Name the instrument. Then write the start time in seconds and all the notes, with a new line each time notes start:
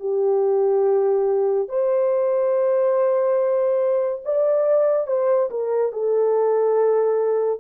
horn
0.00 G4
1.69 C5
4.25 D5
5.07 C5
5.50 A#4
5.92 A4